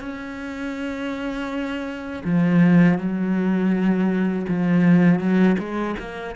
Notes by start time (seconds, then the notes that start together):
0.00 C#4
2.24 F3
2.98 F#3
4.48 F3
5.19 F#3
5.58 G#3
5.99 A#3